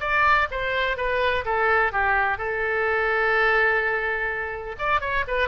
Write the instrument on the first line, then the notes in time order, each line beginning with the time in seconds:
oboe
0.00 D5
0.51 C5
0.97 B4
1.45 A4
1.92 G4
2.38 A4
4.79 D5
5.01 C#5
5.27 B4